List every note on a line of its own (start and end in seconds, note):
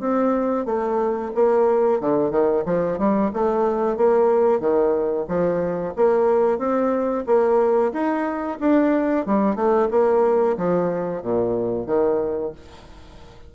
0.00 0.66 C4
0.66 1.32 A3
1.35 2.00 A#3
2.00 2.31 D3
2.31 2.64 D#3
2.66 2.99 F3
2.99 3.31 G3
3.34 3.97 A3
3.97 4.60 A#3
4.60 5.26 D#3
5.28 5.94 F3
5.96 6.58 A#3
6.58 7.24 C4
7.26 7.92 A#3
7.93 8.59 D#4
8.60 9.26 D4
9.26 9.56 G3
9.56 9.89 A3
9.91 10.57 A#3
10.57 11.23 F3
11.23 11.87 A#2
11.87 12.53 D#3